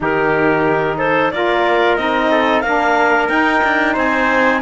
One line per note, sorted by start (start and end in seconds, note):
0.00 1.32 D#3
0.00 1.32 D#4
0.00 0.98 G4
0.00 0.98 A#4
0.98 1.31 A4
0.98 1.31 C5
1.31 1.98 A#3
1.31 1.98 F4
1.31 2.31 A#4
1.31 1.96 D5
1.96 2.63 C4
1.96 2.64 D#4
1.96 2.60 D#5
2.31 2.62 A4
2.60 3.29 A#3
2.60 3.30 D4
2.60 3.93 A#4
2.60 3.26 F5
3.28 3.62 D#4
3.28 4.61 D#4
3.28 3.94 G5
3.63 3.96 D4
3.93 4.61 C4
3.93 4.59 C5
3.93 4.61 G#5